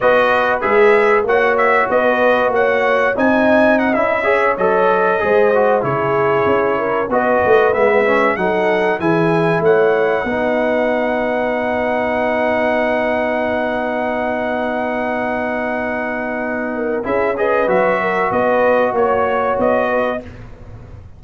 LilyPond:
<<
  \new Staff \with { instrumentName = "trumpet" } { \time 4/4 \tempo 4 = 95 dis''4 e''4 fis''8 e''8 dis''4 | fis''4 gis''4 fis''16 e''4 dis''8.~ | dis''4~ dis''16 cis''2 dis''8.~ | dis''16 e''4 fis''4 gis''4 fis''8.~ |
fis''1~ | fis''1~ | fis''2. e''8 dis''8 | e''4 dis''4 cis''4 dis''4 | }
  \new Staff \with { instrumentName = "horn" } { \time 4/4 b'2 cis''4 b'4 | cis''4 dis''4.~ dis''16 cis''4~ cis''16~ | cis''16 c''4 gis'4. ais'8 b'8.~ | b'4~ b'16 a'4 gis'4 cis''8.~ |
cis''16 b'2.~ b'8.~ | b'1~ | b'2~ b'8 ais'8 gis'8 b'8~ | b'8 ais'8 b'4 cis''4. b'8 | }
  \new Staff \with { instrumentName = "trombone" } { \time 4/4 fis'4 gis'4 fis'2~ | fis'4 dis'4~ dis'16 e'8 gis'8 a'8.~ | a'16 gis'8 fis'8 e'2 fis'8.~ | fis'16 b8 cis'8 dis'4 e'4.~ e'16~ |
e'16 dis'2.~ dis'8.~ | dis'1~ | dis'2. e'8 gis'8 | fis'1 | }
  \new Staff \with { instrumentName = "tuba" } { \time 4/4 b4 gis4 ais4 b4 | ais4 c'4~ c'16 cis'4 fis8.~ | fis16 gis4 cis4 cis'4 b8 a16~ | a16 gis4 fis4 e4 a8.~ |
a16 b2.~ b8.~ | b1~ | b2. cis'4 | fis4 b4 ais4 b4 | }
>>